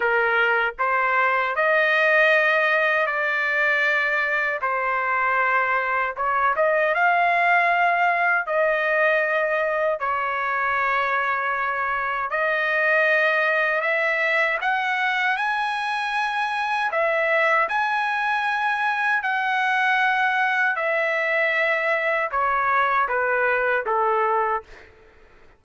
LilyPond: \new Staff \with { instrumentName = "trumpet" } { \time 4/4 \tempo 4 = 78 ais'4 c''4 dis''2 | d''2 c''2 | cis''8 dis''8 f''2 dis''4~ | dis''4 cis''2. |
dis''2 e''4 fis''4 | gis''2 e''4 gis''4~ | gis''4 fis''2 e''4~ | e''4 cis''4 b'4 a'4 | }